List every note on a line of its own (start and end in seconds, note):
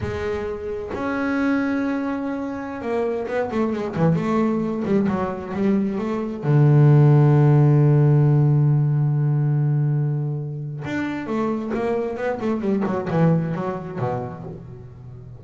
0.01 0.91 G#3
0.93 2.81 C#4
2.81 3.26 A#3
3.27 3.50 B3
3.51 3.72 A3
3.72 3.95 G#3
3.96 4.15 E3
4.15 4.83 A3
4.84 5.07 G3
5.08 5.53 F#3
5.53 5.98 G3
5.98 6.43 A3
6.43 10.83 D3
10.85 11.26 D4
11.26 11.71 A3
11.74 12.16 A#3
12.16 12.39 B3
12.40 12.60 A3
12.60 12.83 G3
12.86 13.08 F#3
13.10 13.54 E3
13.54 13.98 F#3
13.98 14.44 B2